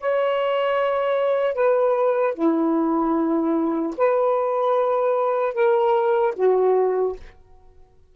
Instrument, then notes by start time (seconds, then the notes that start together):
saxophone
0.00 C#5
1.54 B4
2.34 E4
3.97 B4
5.54 A#4
6.35 F#4